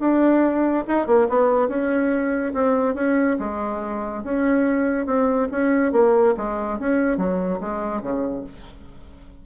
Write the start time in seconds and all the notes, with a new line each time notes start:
0.00 D4
0.88 D#4
1.07 A#3
1.29 B3
1.69 C#4
2.54 C4
2.95 C#4
3.39 G#3
4.24 C#4
5.06 C4
5.52 C#4
5.93 A#3
6.37 G#3
6.79 C#4
7.18 F#3
7.60 G#3
8.02 C#3